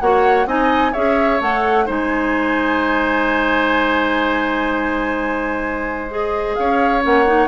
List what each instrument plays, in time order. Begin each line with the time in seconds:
0.00 bassoon A#3, clarinet F#4, oboe C#5, flute F#5
0.46 bassoon C4, clarinet D#4, oboe D#5, flute G#5
0.92 bassoon C#4, clarinet G#4, oboe C#5, flute E5
1.40 bassoon A3, clarinet A4, flute F#5
1.85 bassoon G#3, clarinet D#4, oboe C5, flute G#5
6.10 clarinet G#4, flute D#5
6.55 bassoon C#4, oboe C#5, flute F5
7.02 bassoon A#3, clarinet C#4, flute F#5
7.26 clarinet D#4